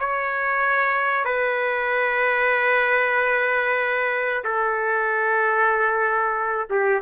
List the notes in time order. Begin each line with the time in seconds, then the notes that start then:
0.00 C#5
1.25 B4
4.45 A4
6.71 G4